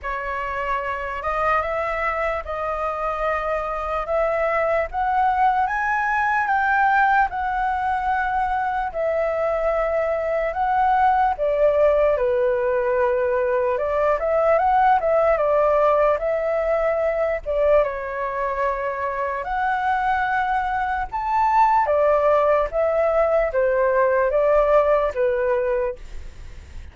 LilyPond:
\new Staff \with { instrumentName = "flute" } { \time 4/4 \tempo 4 = 74 cis''4. dis''8 e''4 dis''4~ | dis''4 e''4 fis''4 gis''4 | g''4 fis''2 e''4~ | e''4 fis''4 d''4 b'4~ |
b'4 d''8 e''8 fis''8 e''8 d''4 | e''4. d''8 cis''2 | fis''2 a''4 d''4 | e''4 c''4 d''4 b'4 | }